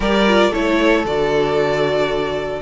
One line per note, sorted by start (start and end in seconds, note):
0.00 0.52 G3
0.00 0.23 G4
0.00 0.50 A#4
0.00 0.52 D5
0.27 0.53 F4
0.50 1.04 A3
0.50 1.06 E4
0.50 2.61 A4
0.50 1.05 C#5
1.04 2.62 D3
1.04 2.62 F#4
1.04 2.62 D5